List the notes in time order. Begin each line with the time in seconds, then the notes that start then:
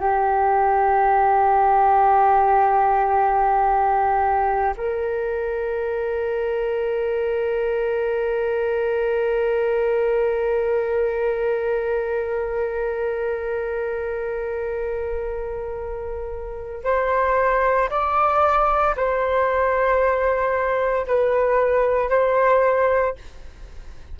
0.00 G4
4.77 A#4
16.84 C5
17.90 D5
18.96 C5
21.07 B4
22.10 C5